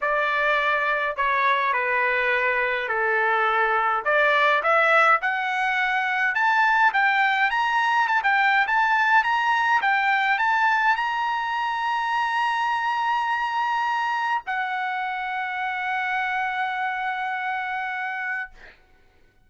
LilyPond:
\new Staff \with { instrumentName = "trumpet" } { \time 4/4 \tempo 4 = 104 d''2 cis''4 b'4~ | b'4 a'2 d''4 | e''4 fis''2 a''4 | g''4 ais''4 a''16 g''8. a''4 |
ais''4 g''4 a''4 ais''4~ | ais''1~ | ais''4 fis''2.~ | fis''1 | }